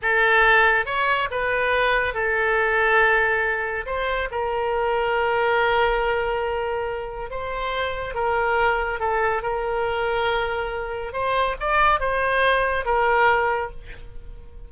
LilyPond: \new Staff \with { instrumentName = "oboe" } { \time 4/4 \tempo 4 = 140 a'2 cis''4 b'4~ | b'4 a'2.~ | a'4 c''4 ais'2~ | ais'1~ |
ais'4 c''2 ais'4~ | ais'4 a'4 ais'2~ | ais'2 c''4 d''4 | c''2 ais'2 | }